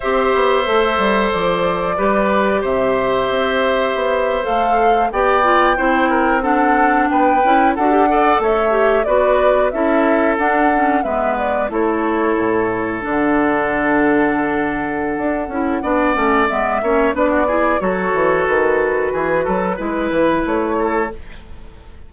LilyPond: <<
  \new Staff \with { instrumentName = "flute" } { \time 4/4 \tempo 4 = 91 e''2 d''2 | e''2~ e''8. f''4 g''16~ | g''4.~ g''16 fis''4 g''4 fis''16~ | fis''8. e''4 d''4 e''4 fis''16~ |
fis''8. e''8 d''8 cis''2 fis''16~ | fis''1~ | fis''4 e''4 d''4 cis''4 | b'2. cis''4 | }
  \new Staff \with { instrumentName = "oboe" } { \time 4/4 c''2. b'4 | c''2.~ c''8. d''16~ | d''8. c''8 ais'8 a'4 b'4 a'16~ | a'16 d''8 cis''4 b'4 a'4~ a'16~ |
a'8. b'4 a'2~ a'16~ | a'1 | d''4. cis''8 b'16 fis'16 gis'8 a'4~ | a'4 gis'8 a'8 b'4. a'8 | }
  \new Staff \with { instrumentName = "clarinet" } { \time 4/4 g'4 a'2 g'4~ | g'2~ g'8. a'4 g'16~ | g'16 f'8 e'4 d'4. e'8 fis'16 | g'16 a'4 g'8 fis'4 e'4 d'16~ |
d'16 cis'8 b4 e'2 d'16~ | d'2.~ d'8 e'8 | d'8 cis'8 b8 cis'8 d'8 e'8 fis'4~ | fis'2 e'2 | }
  \new Staff \with { instrumentName = "bassoon" } { \time 4/4 c'8 b8 a8 g8 f4 g4 | c4 c'4 b8. a4 b16~ | b8. c'2 b8 cis'8 d'16~ | d'8. a4 b4 cis'4 d'16~ |
d'8. gis4 a4 a,4 d16~ | d2. d'8 cis'8 | b8 a8 gis8 ais8 b4 fis8 e8 | dis4 e8 fis8 gis8 e8 a4 | }
>>